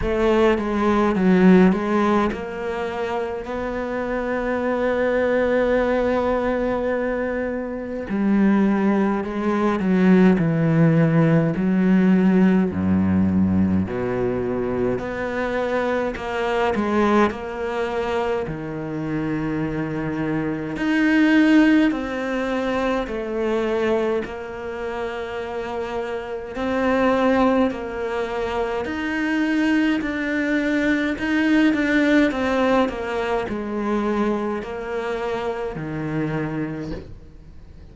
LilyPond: \new Staff \with { instrumentName = "cello" } { \time 4/4 \tempo 4 = 52 a8 gis8 fis8 gis8 ais4 b4~ | b2. g4 | gis8 fis8 e4 fis4 fis,4 | b,4 b4 ais8 gis8 ais4 |
dis2 dis'4 c'4 | a4 ais2 c'4 | ais4 dis'4 d'4 dis'8 d'8 | c'8 ais8 gis4 ais4 dis4 | }